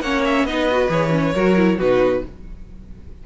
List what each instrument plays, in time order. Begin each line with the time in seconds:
0.00 cello A#3, viola C#4, violin C#5 F#5
0.24 violin E5
0.43 cello B3, viola D#4, violin B4 D#5
0.71 viola F#4
0.89 cello E3, viola G#4, violin C#5
1.10 viola C#4
1.33 cello F#3, viola F#4, violin A#4
1.57 viola E4
1.78 cello B2, viola D#4, violin F#4 B4